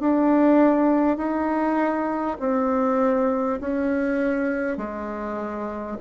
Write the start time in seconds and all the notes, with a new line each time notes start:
0.00 D4
1.17 D#4
2.39 C4
3.61 C#4
4.77 G#3